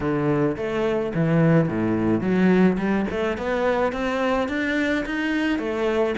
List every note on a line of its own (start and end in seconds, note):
0.00 0.56 D3
0.56 1.12 A3
1.14 1.68 E3
1.68 2.20 A2
2.20 2.77 F#3
2.78 3.06 G3
3.10 3.37 A3
3.37 3.92 B3
3.92 4.48 C4
4.48 5.04 D4
5.05 5.58 D#4
5.58 6.15 A3